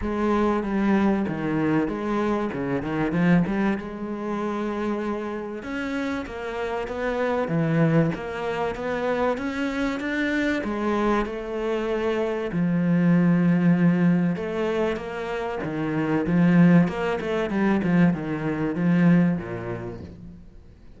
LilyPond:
\new Staff \with { instrumentName = "cello" } { \time 4/4 \tempo 4 = 96 gis4 g4 dis4 gis4 | cis8 dis8 f8 g8 gis2~ | gis4 cis'4 ais4 b4 | e4 ais4 b4 cis'4 |
d'4 gis4 a2 | f2. a4 | ais4 dis4 f4 ais8 a8 | g8 f8 dis4 f4 ais,4 | }